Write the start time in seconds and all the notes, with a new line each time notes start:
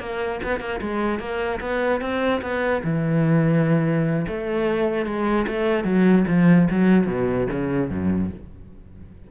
0.00 A#3
0.44 B3
0.60 A#3
0.81 G#3
1.20 A#3
1.61 B3
2.01 C4
2.42 B3
2.84 E3
4.28 A3
5.06 G#3
5.48 A3
5.85 F#3
6.28 F3
6.71 F#3
7.07 B2
7.51 C#3
7.91 F#2